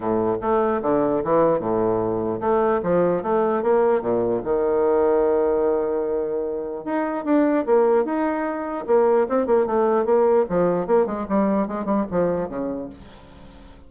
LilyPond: \new Staff \with { instrumentName = "bassoon" } { \time 4/4 \tempo 4 = 149 a,4 a4 d4 e4 | a,2 a4 f4 | a4 ais4 ais,4 dis4~ | dis1~ |
dis4 dis'4 d'4 ais4 | dis'2 ais4 c'8 ais8 | a4 ais4 f4 ais8 gis8 | g4 gis8 g8 f4 cis4 | }